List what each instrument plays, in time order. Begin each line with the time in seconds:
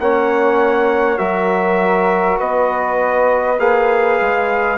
0.00 bassoon A#3, trombone C#4, flute C#5, trumpet F#5
1.18 bassoon F#3, trombone F#4, flute A#4, trumpet E5
2.39 bassoon B3, flute B4, trumpet D#5
3.59 bassoon A#3, trombone G#4, trumpet F5
4.21 bassoon G#3